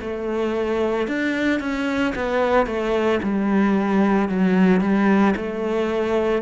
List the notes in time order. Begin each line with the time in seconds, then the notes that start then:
0.00 A3
1.07 D4
1.60 C#4
2.15 B3
2.66 A3
3.22 G3
4.29 F#3
4.81 G3
5.36 A3